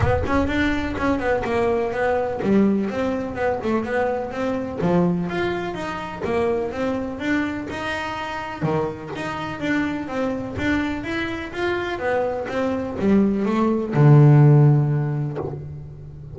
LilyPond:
\new Staff \with { instrumentName = "double bass" } { \time 4/4 \tempo 4 = 125 b8 cis'8 d'4 cis'8 b8 ais4 | b4 g4 c'4 b8 a8 | b4 c'4 f4 f'4 | dis'4 ais4 c'4 d'4 |
dis'2 dis4 dis'4 | d'4 c'4 d'4 e'4 | f'4 b4 c'4 g4 | a4 d2. | }